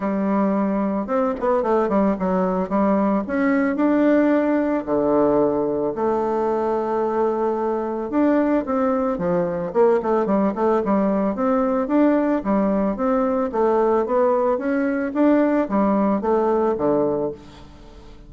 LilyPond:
\new Staff \with { instrumentName = "bassoon" } { \time 4/4 \tempo 4 = 111 g2 c'8 b8 a8 g8 | fis4 g4 cis'4 d'4~ | d'4 d2 a4~ | a2. d'4 |
c'4 f4 ais8 a8 g8 a8 | g4 c'4 d'4 g4 | c'4 a4 b4 cis'4 | d'4 g4 a4 d4 | }